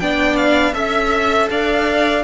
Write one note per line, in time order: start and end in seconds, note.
0.00 0.74 B3
0.00 0.74 D4
0.00 0.74 D5
0.00 0.37 G5
0.37 0.74 F5
0.74 1.49 C#4
0.74 2.24 A4
0.74 1.49 E5
1.50 2.24 D4
1.50 2.24 D5
1.50 2.24 F5